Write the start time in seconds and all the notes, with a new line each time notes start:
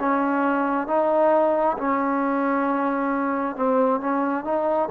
0.00 C#4
0.88 D#4
1.78 C#4
3.57 C4
4.01 C#4
4.45 D#4